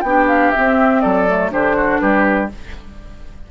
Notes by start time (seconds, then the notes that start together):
0.00 B3 D4 G4 G5
0.27 F5
0.51 C4 E5
0.57 C4
1.00 F#3 A4 D5
1.27 A3
1.51 D3 D4 G4 C5
1.76 F#4
1.99 G3 G4 B4